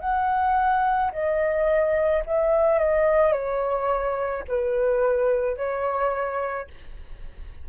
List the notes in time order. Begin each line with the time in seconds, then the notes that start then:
0.00 F#5
1.12 D#5
2.26 E5
2.79 D#5
3.32 C#5
4.48 B4
5.57 C#5